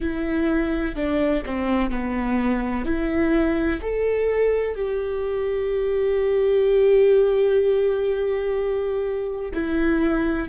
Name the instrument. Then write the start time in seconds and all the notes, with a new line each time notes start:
viola
0.00 E4
0.95 D4
1.45 C4
1.90 B3
2.85 E4
3.81 A4
4.75 G4
9.54 E4